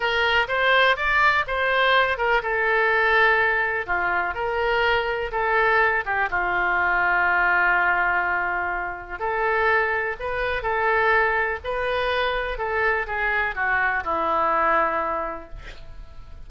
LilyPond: \new Staff \with { instrumentName = "oboe" } { \time 4/4 \tempo 4 = 124 ais'4 c''4 d''4 c''4~ | c''8 ais'8 a'2. | f'4 ais'2 a'4~ | a'8 g'8 f'2.~ |
f'2. a'4~ | a'4 b'4 a'2 | b'2 a'4 gis'4 | fis'4 e'2. | }